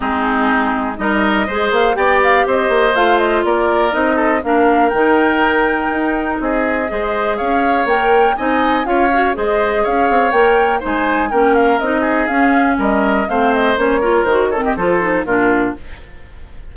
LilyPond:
<<
  \new Staff \with { instrumentName = "flute" } { \time 4/4 \tempo 4 = 122 gis'2 dis''4. f''8 | g''8 f''8 dis''4 f''8 dis''8 d''4 | dis''4 f''4 g''2~ | g''4 dis''2 f''4 |
g''4 gis''4 f''4 dis''4 | f''4 g''4 gis''4 g''8 f''8 | dis''4 f''4 dis''4 f''8 dis''8 | cis''4 c''8 cis''16 dis''16 c''4 ais'4 | }
  \new Staff \with { instrumentName = "oboe" } { \time 4/4 dis'2 ais'4 c''4 | d''4 c''2 ais'4~ | ais'8 a'8 ais'2.~ | ais'4 gis'4 c''4 cis''4~ |
cis''4 dis''4 cis''4 c''4 | cis''2 c''4 ais'4~ | ais'8 gis'4. ais'4 c''4~ | c''8 ais'4 a'16 g'16 a'4 f'4 | }
  \new Staff \with { instrumentName = "clarinet" } { \time 4/4 c'2 dis'4 gis'4 | g'2 f'2 | dis'4 d'4 dis'2~ | dis'2 gis'2 |
ais'4 dis'4 f'8 fis'8 gis'4~ | gis'4 ais'4 dis'4 cis'4 | dis'4 cis'2 c'4 | cis'8 f'8 fis'8 c'8 f'8 dis'8 d'4 | }
  \new Staff \with { instrumentName = "bassoon" } { \time 4/4 gis2 g4 gis8 ais8 | b4 c'8 ais8 a4 ais4 | c'4 ais4 dis2 | dis'4 c'4 gis4 cis'4 |
ais4 c'4 cis'4 gis4 | cis'8 c'8 ais4 gis4 ais4 | c'4 cis'4 g4 a4 | ais4 dis4 f4 ais,4 | }
>>